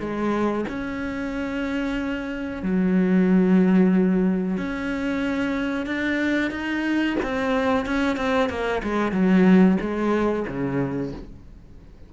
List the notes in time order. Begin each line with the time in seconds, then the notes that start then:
0.00 G#3
0.69 C#4
2.63 F#3
4.58 C#4
5.86 D4
6.51 D#4
7.23 C4
7.86 C#4
8.17 C4
8.50 A#3
8.83 G#3
9.12 F#3
9.81 G#3
10.47 C#3